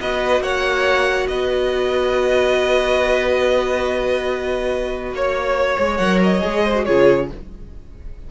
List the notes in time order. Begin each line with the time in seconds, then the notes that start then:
0.00 B3 F#4 B4 D#5
0.39 A#3 C#5 F#5
1.27 B3 B4 D#5
5.12 A#3 C#5
5.77 G#3 G#4
5.97 F#3 A#4 F#5
6.23 D#5
6.40 G#3 G#4
6.64 C5
6.75 F#4
6.84 C#3 F4 G#4 C#5